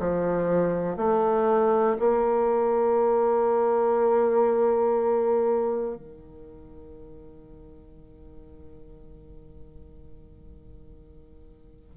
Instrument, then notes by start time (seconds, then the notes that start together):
bassoon
0.00 F3
0.97 A3
1.99 A#3
5.96 D#3